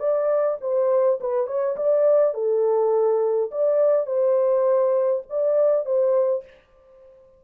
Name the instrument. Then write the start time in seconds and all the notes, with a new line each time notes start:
horn
0.00 D5
0.61 C5
1.21 B4
1.47 C#5
1.77 D5
2.34 A4
3.52 D5
4.07 C5
5.30 D5
5.86 C5